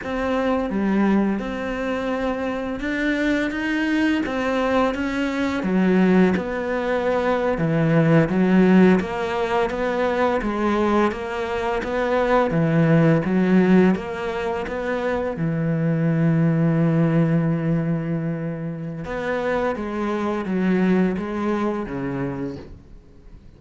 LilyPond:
\new Staff \with { instrumentName = "cello" } { \time 4/4 \tempo 4 = 85 c'4 g4 c'2 | d'4 dis'4 c'4 cis'4 | fis4 b4.~ b16 e4 fis16~ | fis8. ais4 b4 gis4 ais16~ |
ais8. b4 e4 fis4 ais16~ | ais8. b4 e2~ e16~ | e2. b4 | gis4 fis4 gis4 cis4 | }